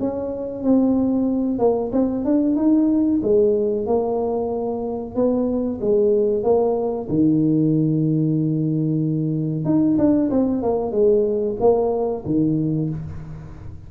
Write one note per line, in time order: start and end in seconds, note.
0.00 0.64 C#4
0.64 1.59 C4
1.59 1.91 A#3
1.93 2.25 C4
2.25 2.56 D4
2.56 3.21 D#4
3.23 3.87 G#3
3.87 5.15 A#3
5.15 5.80 B3
5.81 6.44 G#3
6.44 7.08 A#3
7.09 9.65 D#3
9.65 9.97 D#4
9.98 10.30 D4
10.31 10.63 C4
10.63 10.92 A#3
10.92 11.56 G#3
11.60 12.25 A#3
12.26 12.90 D#3